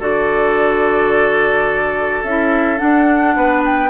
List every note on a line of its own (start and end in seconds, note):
0.00 2.24 D3
0.00 2.25 F#4
0.00 3.37 A4
0.00 2.24 D5
2.24 2.80 C#4
2.24 2.78 E4
2.24 2.79 E5
2.78 3.90 D4
2.78 3.36 D4
2.78 3.63 F#5
3.36 3.91 B3
3.36 3.91 B4
3.65 3.91 G5